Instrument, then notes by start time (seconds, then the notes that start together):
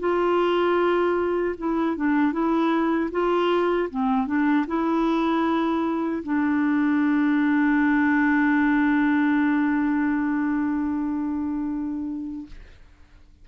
clarinet
0.00 F4
1.59 E4
1.97 D4
2.33 E4
3.12 F4
3.90 C4
4.27 D4
4.68 E4
6.24 D4